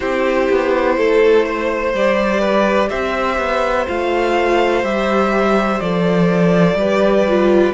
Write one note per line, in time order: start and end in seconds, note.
0.00 0.49 C4
0.00 1.92 E4
0.00 0.96 G4
0.00 1.92 C5
0.50 0.97 B3
0.97 1.93 A3
0.97 1.45 A4
1.45 2.40 C5
1.93 2.90 G3
1.93 3.87 G4
1.93 2.89 D5
2.40 2.89 B4
2.89 3.37 C4
2.89 6.76 C5
2.89 3.86 E5
3.37 3.86 B3
3.87 4.83 A3
3.87 4.83 F4
3.87 4.84 F5
4.83 5.79 G3
4.83 5.80 G4
4.83 5.79 E5
5.79 6.74 F3
5.79 6.78 A4
5.79 7.73 D5
6.74 7.70 G3
6.74 7.27 G4
6.74 7.73 B4
7.27 7.73 F4